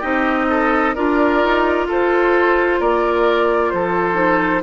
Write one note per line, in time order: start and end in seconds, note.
0.00 0.96 C4
0.00 0.96 D#4
0.00 0.46 G4
0.00 0.95 D#5
0.50 0.96 A4
0.95 1.45 D4
0.95 4.15 F4
0.95 1.88 A#4
0.95 1.88 D5
1.45 1.87 D#4
1.87 2.79 F4
1.87 2.80 A4
1.87 2.81 C5
2.80 3.73 A#3
2.80 3.72 A#4
2.80 3.71 D5
3.71 4.63 F3
3.71 4.63 A4
3.71 4.63 C5
4.15 4.61 D#4